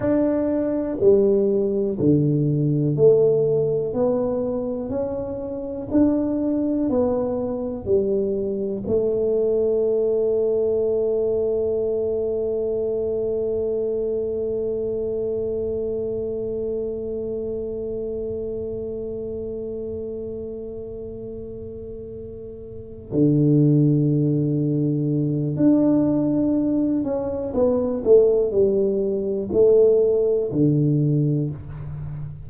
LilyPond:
\new Staff \with { instrumentName = "tuba" } { \time 4/4 \tempo 4 = 61 d'4 g4 d4 a4 | b4 cis'4 d'4 b4 | g4 a2.~ | a1~ |
a1~ | a2.~ a8 d8~ | d2 d'4. cis'8 | b8 a8 g4 a4 d4 | }